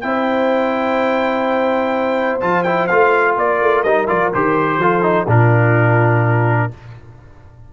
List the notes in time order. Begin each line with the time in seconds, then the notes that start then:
0.00 C4 E4 C5 G5
2.40 F3 F4 A5
2.63 E4 G5
2.87 A3 F4 F5
3.37 A#3 A#4 D5
3.61 A3
3.82 G3 D#4 D#5
4.07 F3 F4 D5
4.33 D#3 G4 C5
4.77 F3 F4 A4
5.02 D#4
5.25 A#2 D4 F4 A#4